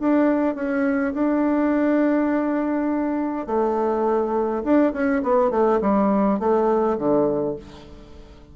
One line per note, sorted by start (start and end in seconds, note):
0.00 0.56 D4
0.56 1.14 C#4
1.14 3.47 D4
3.47 4.63 A3
4.64 4.93 D4
4.94 5.23 C#4
5.23 5.51 B3
5.51 5.80 A3
5.81 6.40 G3
6.40 6.98 A3
6.98 7.56 D3